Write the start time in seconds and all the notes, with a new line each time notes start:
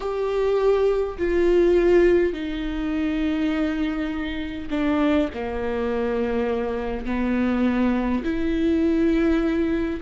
0.00 G4
1.18 F4
2.33 D#4
4.70 D4
5.34 A#3
7.05 B3
8.24 E4